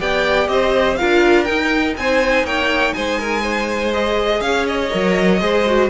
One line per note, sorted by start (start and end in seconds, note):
0.00 0.48 B3
0.00 0.98 G4
0.00 0.49 D5
0.00 0.48 G5
0.48 0.98 C4
0.48 0.99 C5
0.48 0.96 D#5
0.96 1.49 D4
0.96 1.45 F4
0.96 1.97 A#4
0.96 1.44 F5
1.44 3.91 D#4
1.44 1.97 D#4
1.44 1.93 G5
1.97 2.43 C4
1.97 2.46 C5
1.97 2.46 G#5
2.43 2.92 A#3
2.43 2.95 C#5
2.43 2.94 G5
2.94 4.41 G#3
2.94 3.19 C5
2.94 3.92 G#5
3.19 3.42 A#4
3.42 4.40 C5
3.93 4.91 G#4
3.93 4.41 D#5
4.41 4.90 C#4
4.41 5.42 C#5
4.41 4.66 F5
4.66 5.89 D#5
4.91 5.41 F#3
4.91 5.40 A#4
5.40 5.90 G#3
5.40 5.65 G#4
5.40 5.90 C5
5.66 5.90 F#4